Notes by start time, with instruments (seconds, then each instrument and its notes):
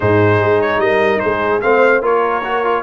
0.00 tuba G#2, trombone D#4, horn G#4, trumpet C5
0.40 tuba G#3
0.61 trumpet C#5
0.78 tuba G3, horn A#4, trumpet D#5
1.19 tuba G#3, horn G#4, trumpet C5
1.61 tuba A3, trombone C4, horn C5, trumpet F5
2.01 tuba A#3, trombone F4, horn A#4, trumpet C#5
2.44 trombone F#4
2.64 trombone F4